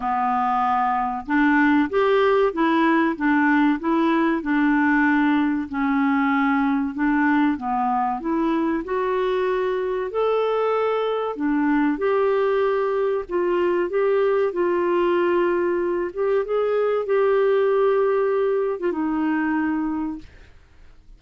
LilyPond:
\new Staff \with { instrumentName = "clarinet" } { \time 4/4 \tempo 4 = 95 b2 d'4 g'4 | e'4 d'4 e'4 d'4~ | d'4 cis'2 d'4 | b4 e'4 fis'2 |
a'2 d'4 g'4~ | g'4 f'4 g'4 f'4~ | f'4. g'8 gis'4 g'4~ | g'4.~ g'16 f'16 dis'2 | }